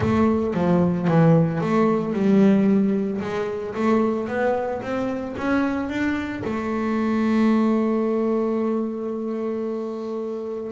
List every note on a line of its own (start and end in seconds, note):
0.00 0.54 A3
0.54 1.07 F3
1.07 1.60 E3
1.60 2.13 A3
2.13 3.20 G3
3.20 3.74 G#3
3.74 4.28 A3
4.28 4.81 B3
4.82 5.35 C4
5.37 5.89 C#4
5.89 6.43 D4
6.44 10.72 A3